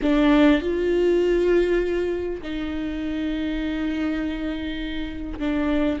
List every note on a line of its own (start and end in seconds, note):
0.01 0.61 D4
0.61 2.41 F4
2.42 5.39 D#4
5.39 5.99 D4